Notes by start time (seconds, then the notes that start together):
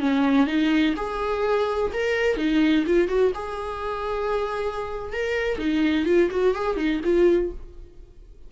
0.00 C#4
0.47 D#4
0.97 G#4
1.93 A#4
2.37 D#4
2.86 F4
3.08 F#4
3.34 G#4
5.13 A#4
5.59 D#4
6.06 F4
6.31 F#4
6.55 G#4
6.77 D#4
7.04 F4